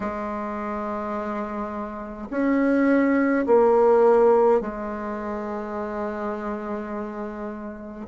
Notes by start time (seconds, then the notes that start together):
0.00 G#3
2.30 C#4
3.46 A#3
4.60 G#3